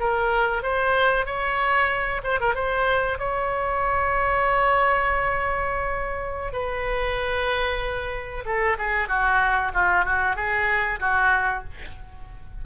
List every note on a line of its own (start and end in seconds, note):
0.00 0.63 A#4
0.63 1.26 C5
1.26 2.22 C#5
2.24 2.40 C5
2.41 2.55 A#4
2.55 3.19 C5
3.19 6.53 C#5
6.53 8.45 B4
8.45 8.77 A4
8.79 9.08 G#4
9.08 9.72 F#4
9.74 10.05 F4
10.05 10.36 F#4
10.36 11.00 G#4
11.00 11.64 F#4